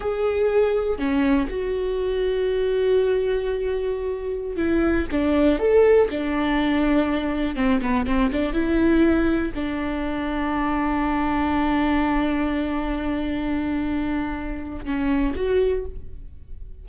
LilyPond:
\new Staff \with { instrumentName = "viola" } { \time 4/4 \tempo 4 = 121 gis'2 cis'4 fis'4~ | fis'1~ | fis'4~ fis'16 e'4 d'4 a'8.~ | a'16 d'2. c'8 b16~ |
b16 c'8 d'8 e'2 d'8.~ | d'1~ | d'1~ | d'2 cis'4 fis'4 | }